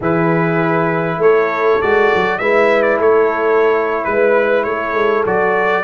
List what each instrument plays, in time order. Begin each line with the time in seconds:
0.00 tuba E3, trombone E4, horn G#4, trumpet B4
1.17 tuba A3, horn A4, trumpet C#5
1.81 tuba G#3, trombone F#4, trumpet D5
2.14 tuba F#3
2.38 tuba G#3, trombone E4, horn B4, trumpet E5
2.82 trumpet D5
2.98 tuba A3, horn A4, trumpet C#5
4.04 tuba G#3, horn B4, trumpet B4
4.63 tuba A3, horn A4, trumpet C#5
4.93 tuba G#3
5.26 tuba F#3, trombone F#4, trumpet D5